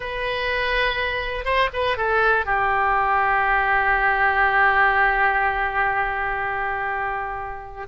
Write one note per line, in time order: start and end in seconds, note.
0.00 1.44 B4
1.44 1.69 C5
1.73 1.97 B4
1.97 2.45 A4
2.45 7.86 G4